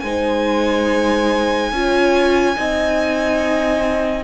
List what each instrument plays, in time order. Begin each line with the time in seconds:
0.00 cello G#3, viola D#4, horn C5, violin G#5
1.72 cello C#4, viola F4, horn C#5
2.56 cello C4, viola D#4, horn D#5